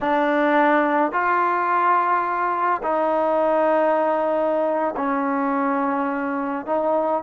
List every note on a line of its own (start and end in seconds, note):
0.01 1.12 D4
1.12 2.81 F4
2.82 4.95 D#4
4.96 6.66 C#4
6.66 7.22 D#4